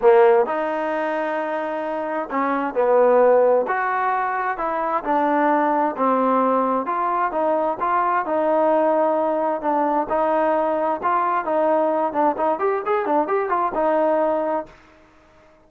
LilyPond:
\new Staff \with { instrumentName = "trombone" } { \time 4/4 \tempo 4 = 131 ais4 dis'2.~ | dis'4 cis'4 b2 | fis'2 e'4 d'4~ | d'4 c'2 f'4 |
dis'4 f'4 dis'2~ | dis'4 d'4 dis'2 | f'4 dis'4. d'8 dis'8 g'8 | gis'8 d'8 g'8 f'8 dis'2 | }